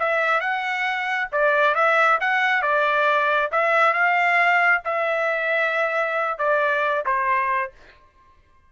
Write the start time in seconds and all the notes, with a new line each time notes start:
0.00 E5
0.41 F#5
1.32 D5
1.75 E5
2.21 F#5
2.62 D5
3.52 E5
3.94 F5
4.85 E5
6.39 D5
7.06 C5